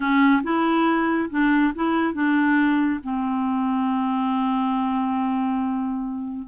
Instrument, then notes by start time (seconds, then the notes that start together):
clarinet
0.00 C#4
0.43 E4
1.30 D4
1.74 E4
2.13 D4
3.03 C4